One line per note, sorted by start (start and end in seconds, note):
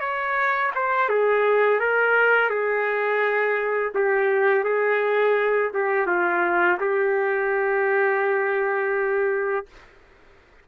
0.00 0.71 C#5
0.75 1.09 C5
1.09 1.80 G#4
1.80 2.50 A#4
2.50 3.93 G#4
3.94 4.64 G4
4.64 5.71 G#4
5.74 6.06 G4
6.06 6.78 F4
6.80 9.66 G4